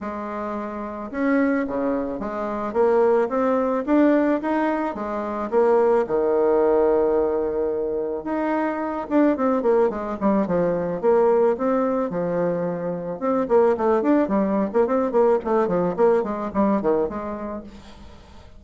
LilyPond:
\new Staff \with { instrumentName = "bassoon" } { \time 4/4 \tempo 4 = 109 gis2 cis'4 cis4 | gis4 ais4 c'4 d'4 | dis'4 gis4 ais4 dis4~ | dis2. dis'4~ |
dis'8 d'8 c'8 ais8 gis8 g8 f4 | ais4 c'4 f2 | c'8 ais8 a8 d'8 g8. ais16 c'8 ais8 | a8 f8 ais8 gis8 g8 dis8 gis4 | }